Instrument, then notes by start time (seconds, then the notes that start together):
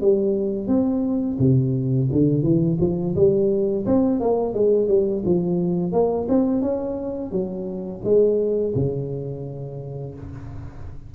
tuba
0.00 G3
0.67 C4
1.39 C3
2.12 D3
2.43 E3
2.80 F3
3.15 G3
3.85 C4
4.20 A#3
4.53 G#3
4.88 G3
5.25 F3
5.92 A#3
6.28 C4
6.62 C#4
7.31 F#3
8.04 G#3
8.75 C#3